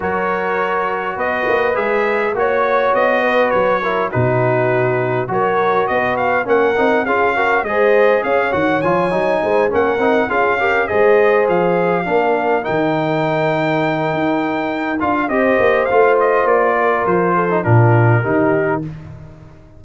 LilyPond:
<<
  \new Staff \with { instrumentName = "trumpet" } { \time 4/4 \tempo 4 = 102 cis''2 dis''4 e''4 | cis''4 dis''4 cis''4 b'4~ | b'4 cis''4 dis''8 f''8 fis''4 | f''4 dis''4 f''8 fis''8 gis''4~ |
gis''8 fis''4 f''4 dis''4 f''8~ | f''4. g''2~ g''8~ | g''4. f''8 dis''4 f''8 dis''8 | d''4 c''4 ais'2 | }
  \new Staff \with { instrumentName = "horn" } { \time 4/4 ais'2 b'2 | cis''4. b'4 ais'8 fis'4~ | fis'4 ais'4 b'4 ais'4 | gis'8 ais'8 c''4 cis''2 |
c''8 ais'4 gis'8 ais'8 c''4.~ | c''8 ais'2.~ ais'8~ | ais'2 c''2~ | c''8 ais'4 a'8 f'4 g'4 | }
  \new Staff \with { instrumentName = "trombone" } { \time 4/4 fis'2. gis'4 | fis'2~ fis'8 e'8 dis'4~ | dis'4 fis'2 cis'8 dis'8 | f'8 fis'8 gis'4. fis'8 f'8 dis'8~ |
dis'8 cis'8 dis'8 f'8 g'8 gis'4.~ | gis'8 d'4 dis'2~ dis'8~ | dis'4. f'8 g'4 f'4~ | f'4.~ f'16 dis'16 d'4 dis'4 | }
  \new Staff \with { instrumentName = "tuba" } { \time 4/4 fis2 b8 ais8 gis4 | ais4 b4 fis4 b,4~ | b,4 fis4 b4 ais8 c'8 | cis'4 gis4 cis'8 dis8 f8 fis8 |
gis8 ais8 c'8 cis'4 gis4 f8~ | f8 ais4 dis2~ dis8 | dis'4. d'8 c'8 ais8 a4 | ais4 f4 ais,4 dis4 | }
>>